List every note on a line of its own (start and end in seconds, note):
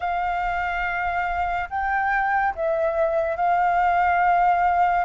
0.00 1.69 F5
1.69 2.54 G5
2.55 3.36 E5
3.36 5.05 F5